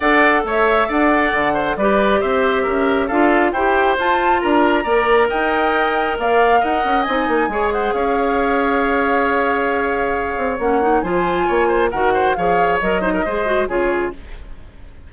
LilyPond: <<
  \new Staff \with { instrumentName = "flute" } { \time 4/4 \tempo 4 = 136 fis''4 e''4 fis''2 | d''4 e''2 f''4 | g''4 a''4 ais''2 | g''2 f''4 fis''4 |
gis''4. fis''8 f''2~ | f''1 | fis''4 gis''2 fis''4 | f''4 dis''2 cis''4 | }
  \new Staff \with { instrumentName = "oboe" } { \time 4/4 d''4 cis''4 d''4. c''8 | b'4 c''4 ais'4 a'4 | c''2 ais'4 d''4 | dis''2 d''4 dis''4~ |
dis''4 cis''8 c''8 cis''2~ | cis''1~ | cis''4 c''4 cis''8 c''8 ais'8 c''8 | cis''4. c''16 ais'16 c''4 gis'4 | }
  \new Staff \with { instrumentName = "clarinet" } { \time 4/4 a'1 | g'2. f'4 | g'4 f'2 ais'4~ | ais'1 |
dis'4 gis'2.~ | gis'1 | cis'8 dis'8 f'2 fis'4 | gis'4 ais'8 dis'8 gis'8 fis'8 f'4 | }
  \new Staff \with { instrumentName = "bassoon" } { \time 4/4 d'4 a4 d'4 d4 | g4 c'4 cis'4 d'4 | e'4 f'4 d'4 ais4 | dis'2 ais4 dis'8 cis'8 |
c'8 ais8 gis4 cis'2~ | cis'2.~ cis'8 c'8 | ais4 f4 ais4 dis4 | f4 fis4 gis4 cis4 | }
>>